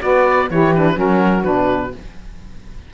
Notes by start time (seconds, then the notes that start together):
0.00 B3 F#4 B4 D5
0.50 E3 E4 G4 C#5
0.75 D4 B4
0.94 F#3 C#4 F#4 A#4
1.43 B2 D4 B4